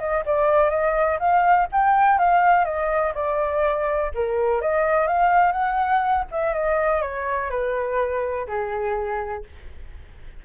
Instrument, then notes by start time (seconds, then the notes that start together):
flute
0.00 D#5
0.26 D5
0.70 D#5
1.20 F5
1.73 G5
2.19 F5
2.65 D#5
3.15 D5
4.15 A#4
4.62 D#5
5.08 F5
5.53 F#5
6.32 E5
6.54 D#5
7.02 C#5
7.50 B4
8.48 G#4